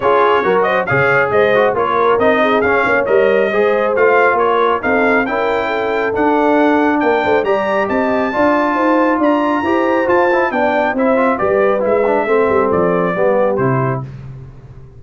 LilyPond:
<<
  \new Staff \with { instrumentName = "trumpet" } { \time 4/4 \tempo 4 = 137 cis''4. dis''8 f''4 dis''4 | cis''4 dis''4 f''4 dis''4~ | dis''4 f''4 cis''4 f''4 | g''2 fis''2 |
g''4 ais''4 a''2~ | a''4 ais''2 a''4 | g''4 e''4 d''4 e''4~ | e''4 d''2 c''4 | }
  \new Staff \with { instrumentName = "horn" } { \time 4/4 gis'4 ais'8 c''8 cis''4 c''4 | ais'4. gis'4 cis''4. | c''2 ais'4 a'4 | ais'4 a'2. |
ais'8 c''8 d''4 dis''4 d''4 | c''4 d''4 c''2 | d''4 c''4 b'2 | a'2 g'2 | }
  \new Staff \with { instrumentName = "trombone" } { \time 4/4 f'4 fis'4 gis'4. fis'8 | f'4 dis'4 cis'4 ais'4 | gis'4 f'2 dis'4 | e'2 d'2~ |
d'4 g'2 f'4~ | f'2 g'4 f'8 e'8 | d'4 e'8 f'8 g'4 e'8 d'8 | c'2 b4 e'4 | }
  \new Staff \with { instrumentName = "tuba" } { \time 4/4 cis'4 fis4 cis4 gis4 | ais4 c'4 cis'8 ais8 g4 | gis4 a4 ais4 c'4 | cis'2 d'2 |
ais8 a8 g4 c'4 d'4 | dis'4 d'4 e'4 f'4 | b4 c'4 g4 gis4 | a8 g8 f4 g4 c4 | }
>>